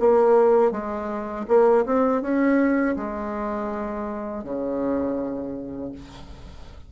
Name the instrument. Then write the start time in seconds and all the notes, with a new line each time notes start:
bassoon
0.00 A#3
0.72 G#3
1.48 A#3
1.86 C4
2.22 C#4
2.97 G#3
4.44 C#3